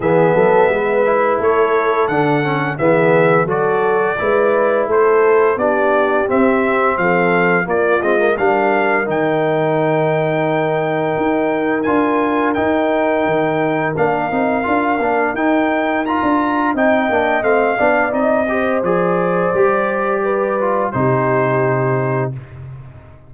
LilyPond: <<
  \new Staff \with { instrumentName = "trumpet" } { \time 4/4 \tempo 4 = 86 e''2 cis''4 fis''4 | e''4 d''2 c''4 | d''4 e''4 f''4 d''8 dis''8 | f''4 g''2.~ |
g''4 gis''4 g''2 | f''2 g''4 ais''4 | g''4 f''4 dis''4 d''4~ | d''2 c''2 | }
  \new Staff \with { instrumentName = "horn" } { \time 4/4 gis'8 a'8 b'4 a'2 | gis'4 a'4 b'4 a'4 | g'2 a'4 f'4 | ais'1~ |
ais'1~ | ais'1 | dis''4. d''4 c''4.~ | c''4 b'4 g'2 | }
  \new Staff \with { instrumentName = "trombone" } { \time 4/4 b4. e'4. d'8 cis'8 | b4 fis'4 e'2 | d'4 c'2 ais8 c'16 ais16 | d'4 dis'2.~ |
dis'4 f'4 dis'2 | d'8 dis'8 f'8 d'8 dis'4 f'4 | dis'8 d'8 c'8 d'8 dis'8 g'8 gis'4 | g'4. f'8 dis'2 | }
  \new Staff \with { instrumentName = "tuba" } { \time 4/4 e8 fis8 gis4 a4 d4 | e4 fis4 gis4 a4 | b4 c'4 f4 ais8 gis8 | g4 dis2. |
dis'4 d'4 dis'4 dis4 | ais8 c'8 d'8 ais8 dis'4~ dis'16 d'8. | c'8 ais8 a8 b8 c'4 f4 | g2 c2 | }
>>